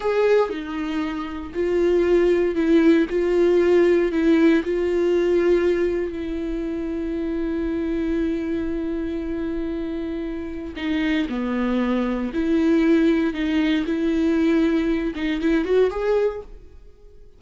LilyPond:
\new Staff \with { instrumentName = "viola" } { \time 4/4 \tempo 4 = 117 gis'4 dis'2 f'4~ | f'4 e'4 f'2 | e'4 f'2. | e'1~ |
e'1~ | e'4 dis'4 b2 | e'2 dis'4 e'4~ | e'4. dis'8 e'8 fis'8 gis'4 | }